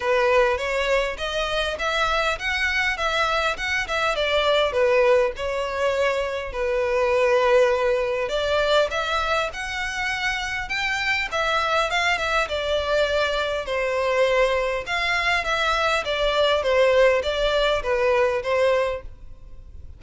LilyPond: \new Staff \with { instrumentName = "violin" } { \time 4/4 \tempo 4 = 101 b'4 cis''4 dis''4 e''4 | fis''4 e''4 fis''8 e''8 d''4 | b'4 cis''2 b'4~ | b'2 d''4 e''4 |
fis''2 g''4 e''4 | f''8 e''8 d''2 c''4~ | c''4 f''4 e''4 d''4 | c''4 d''4 b'4 c''4 | }